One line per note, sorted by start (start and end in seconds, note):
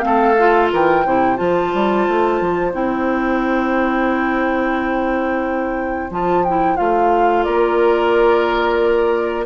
0.00 0.71 A3
0.00 0.34 C4
0.00 0.72 A4
0.00 0.67 F5
0.38 1.06 F4
0.72 1.05 E3
0.72 1.06 A#4
0.72 1.37 G5
1.05 1.39 C3
1.05 1.36 E4
1.05 7.45 C5
1.36 1.73 F3
1.36 2.71 F4
1.36 2.71 A5
1.74 2.07 G3
2.08 2.41 A3
2.41 2.73 F3
2.72 6.10 C4
2.72 6.09 E4
2.72 6.11 G5
6.10 6.77 F3
6.10 6.45 F4
6.10 6.44 A5
6.44 6.77 E4
6.44 6.77 G5
6.77 7.46 A3
6.77 9.46 F4
6.77 7.43 F5
7.43 9.46 A#3
7.43 9.46 A#4
7.43 9.45 D5